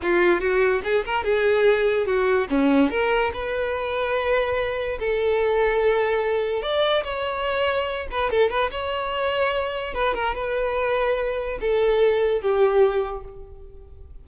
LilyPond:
\new Staff \with { instrumentName = "violin" } { \time 4/4 \tempo 4 = 145 f'4 fis'4 gis'8 ais'8 gis'4~ | gis'4 fis'4 cis'4 ais'4 | b'1 | a'1 |
d''4 cis''2~ cis''8 b'8 | a'8 b'8 cis''2. | b'8 ais'8 b'2. | a'2 g'2 | }